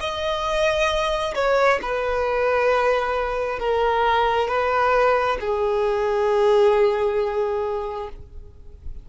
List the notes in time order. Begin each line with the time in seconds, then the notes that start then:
0.00 D#5
1.35 C#5
1.82 B4
3.59 A#4
4.48 B4
5.41 G#4